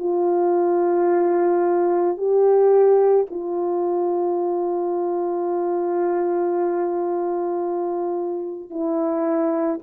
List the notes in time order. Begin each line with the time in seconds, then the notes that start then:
0.00 F4
2.18 G4
3.30 F4
8.70 E4